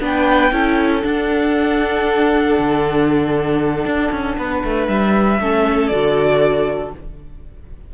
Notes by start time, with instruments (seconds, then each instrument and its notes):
0.00 cello B3, viola D4, violin B4 G5
0.52 cello C#4, viola E4, violin A4
1.02 viola D4, cello D4, violin F#5
2.59 cello D3
3.85 cello D4
4.12 cello C#4
4.38 cello B3, violin B4
4.64 cello A3
4.88 cello G3, violin E5
5.40 cello A3, viola C#4, violin A4
5.88 cello D3, viola F#4, violin D5